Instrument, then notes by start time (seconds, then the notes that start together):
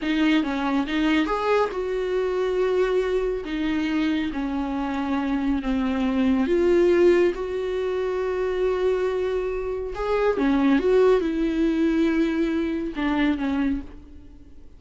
viola
0.01 D#4
0.43 C#4
0.87 D#4
1.25 G#4
1.71 F#4
3.44 D#4
4.32 C#4
5.62 C4
6.46 F4
7.34 F#4
9.94 G#4
10.37 C#4
10.79 F#4
11.21 E4
12.96 D4
13.37 C#4